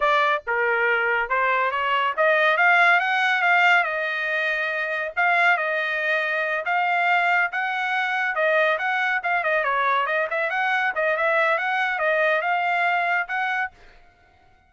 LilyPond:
\new Staff \with { instrumentName = "trumpet" } { \time 4/4 \tempo 4 = 140 d''4 ais'2 c''4 | cis''4 dis''4 f''4 fis''4 | f''4 dis''2. | f''4 dis''2~ dis''8 f''8~ |
f''4. fis''2 dis''8~ | dis''8 fis''4 f''8 dis''8 cis''4 dis''8 | e''8 fis''4 dis''8 e''4 fis''4 | dis''4 f''2 fis''4 | }